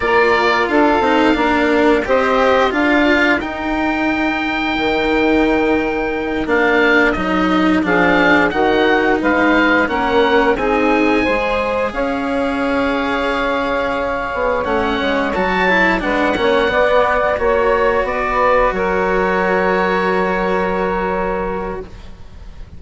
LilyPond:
<<
  \new Staff \with { instrumentName = "oboe" } { \time 4/4 \tempo 4 = 88 d''4 f''2 dis''4 | f''4 g''2.~ | g''4. f''4 dis''4 f''8~ | f''8 fis''4 f''4 fis''4 gis''8~ |
gis''4. f''2~ f''8~ | f''4. fis''4 a''4 fis''8~ | fis''4. cis''4 d''4 cis''8~ | cis''1 | }
  \new Staff \with { instrumentName = "saxophone" } { \time 4/4 ais'4 a'4 ais'4 c''4 | ais'1~ | ais'2.~ ais'8 gis'8~ | gis'8 fis'4 b'4 ais'4 gis'8~ |
gis'8 c''4 cis''2~ cis''8~ | cis''2.~ cis''8 b'8 | cis''8 d''4 cis''4 b'4 ais'8~ | ais'1 | }
  \new Staff \with { instrumentName = "cello" } { \time 4/4 f'4. dis'8 d'4 g'4 | f'4 dis'2.~ | dis'4. d'4 dis'4 d'8~ | d'8 dis'2 cis'4 dis'8~ |
dis'8 gis'2.~ gis'8~ | gis'4. cis'4 fis'8 e'8 d'8 | cis'8 b4 fis'2~ fis'8~ | fis'1 | }
  \new Staff \with { instrumentName = "bassoon" } { \time 4/4 ais4 d'8 c'8 ais4 c'4 | d'4 dis'2 dis4~ | dis4. ais4 fis4 f8~ | f8 dis4 gis4 ais4 c'8~ |
c'8 gis4 cis'2~ cis'8~ | cis'4 b8 a8 gis8 fis4 gis8 | ais8 b4 ais4 b4 fis8~ | fis1 | }
>>